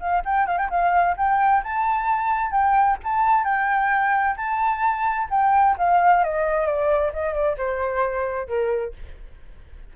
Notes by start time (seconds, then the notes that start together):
0.00 F5
0.25 G5
0.47 F5
0.58 G5
0.70 F5
1.17 G5
1.63 A5
2.51 G5
3.04 A5
3.45 G5
4.37 A5
5.30 G5
5.78 F5
6.24 D#5
6.66 D5
7.13 D#5
7.34 D5
7.58 C5
8.48 A#4